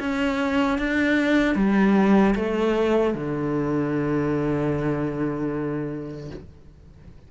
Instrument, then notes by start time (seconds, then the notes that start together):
cello
0.00 C#4
0.79 D4
1.55 G3
2.35 A3
3.15 D3